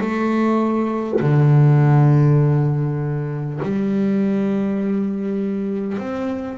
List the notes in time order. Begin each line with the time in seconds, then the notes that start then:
0.00 A3
1.21 D3
3.63 G3
5.98 C4